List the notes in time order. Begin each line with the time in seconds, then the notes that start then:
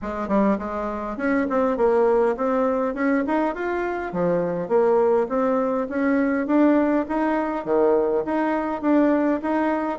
0.02 G#3
0.28 G3
0.58 G#3
1.17 C#4
1.49 C4
1.77 A#3
2.36 C4
2.94 C#4
3.26 D#4
3.54 F4
4.12 F3
4.68 A#3
5.28 C4
5.89 C#4
6.47 D4
7.08 D#4
7.65 D#3
8.25 D#4
8.81 D4
9.42 D#4